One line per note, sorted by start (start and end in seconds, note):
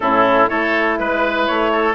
0.00 0.49 A2
0.00 0.47 C#4
0.00 0.49 E4
0.00 0.48 A4
0.47 0.99 A3
0.47 1.94 E4
0.47 0.98 A4
0.47 0.97 C#5
0.98 1.48 G#3
0.98 1.46 B4
0.98 1.72 B4
1.46 1.94 A3
1.46 1.94 C#5
1.72 1.94 A4